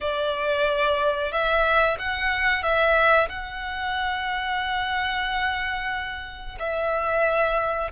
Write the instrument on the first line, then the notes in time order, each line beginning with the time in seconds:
violin
0.00 D5
1.32 E5
1.98 F#5
2.62 E5
3.28 F#5
6.59 E5